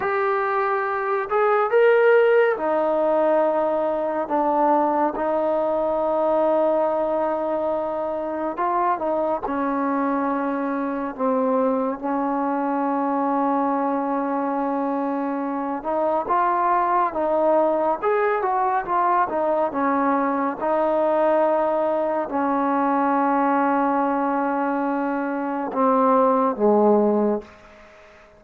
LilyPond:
\new Staff \with { instrumentName = "trombone" } { \time 4/4 \tempo 4 = 70 g'4. gis'8 ais'4 dis'4~ | dis'4 d'4 dis'2~ | dis'2 f'8 dis'8 cis'4~ | cis'4 c'4 cis'2~ |
cis'2~ cis'8 dis'8 f'4 | dis'4 gis'8 fis'8 f'8 dis'8 cis'4 | dis'2 cis'2~ | cis'2 c'4 gis4 | }